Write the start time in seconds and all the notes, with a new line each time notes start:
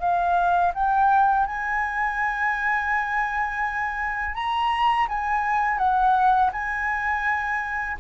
0.00 F5
0.74 G5
1.46 G#5
4.35 A#5
5.08 G#5
5.78 F#5
6.52 G#5